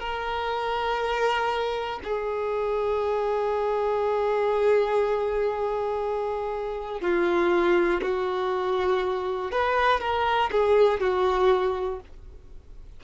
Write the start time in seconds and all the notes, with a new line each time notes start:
0.00 A#4
2.04 G#4
7.01 F4
8.01 F#4
9.51 B4
10.00 A#4
10.51 G#4
11.00 F#4